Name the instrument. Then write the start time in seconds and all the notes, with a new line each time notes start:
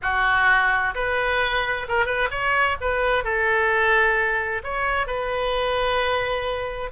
oboe
0.02 F#4
0.94 B4
1.88 A#4
2.05 B4
2.30 C#5
2.80 B4
3.24 A4
4.63 C#5
5.06 B4